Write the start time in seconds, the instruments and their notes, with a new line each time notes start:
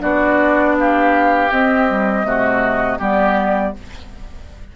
0.00 bassoon B3, clarinet D4, oboe F#4, flute D5
0.79 oboe G4, flute F5
1.51 clarinet C4, bassoon C4, flute D#5
1.88 clarinet G3
2.24 bassoon C3, clarinet A3, oboe F#4
2.99 bassoon G3, clarinet B3, oboe G4, flute D5